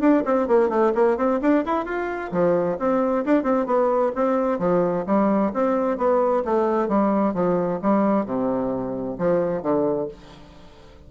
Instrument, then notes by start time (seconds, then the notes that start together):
bassoon
0.00 D4
0.25 C4
0.47 A#3
0.69 A3
0.95 A#3
1.17 C4
1.42 D4
1.65 E4
1.85 F4
2.31 F3
2.79 C4
3.25 D4
3.43 C4
3.66 B3
4.15 C4
4.59 F3
5.06 G3
5.54 C4
5.98 B3
6.45 A3
6.88 G3
7.34 F3
7.82 G3
8.25 C3
9.18 F3
9.62 D3